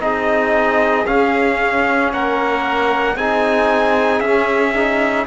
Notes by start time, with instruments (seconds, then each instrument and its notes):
0.00 cello C4, trombone D#4, violin G#4, trumpet D#5
1.06 trombone C#4, cello C#4, trumpet F5
2.12 cello A#3, violin A#4, trumpet F#5
3.15 cello C4, trombone D#4, violin G#4, trumpet G#5
4.20 cello C#4, trombone C#4, trumpet E5
4.74 trombone D#4